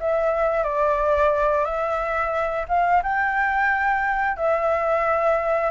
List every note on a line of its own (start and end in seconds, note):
0.00 0.64 E5
0.64 1.65 D5
1.65 2.66 E5
2.69 3.02 F5
3.03 4.37 G5
4.37 5.71 E5